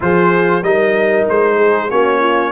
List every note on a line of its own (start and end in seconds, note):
0.00 0.62 F3
0.00 0.62 F4
0.00 0.65 G#4
0.00 0.63 C5
0.62 1.25 G3
0.62 1.90 D#4
0.62 1.56 A#4
0.62 1.26 D#5
1.29 1.90 G#3
1.29 1.90 C5
1.56 1.87 G#4
1.90 2.52 A#3
1.90 2.52 C#4
1.90 2.19 F#4
1.90 2.52 C#5
2.19 2.51 F4